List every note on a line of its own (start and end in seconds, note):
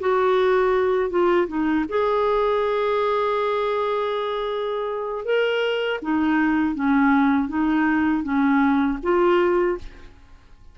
0.00 1.10 F#4
1.10 1.48 F4
1.48 1.85 D#4
1.89 5.25 G#4
5.25 6.00 A#4
6.02 6.75 D#4
6.75 7.49 C#4
7.49 8.24 D#4
8.24 8.99 C#4
9.03 9.78 F4